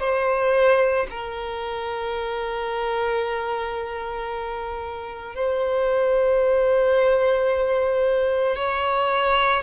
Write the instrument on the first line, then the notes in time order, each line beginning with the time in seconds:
violin
0.00 C5
1.11 A#4
5.35 C5
8.56 C#5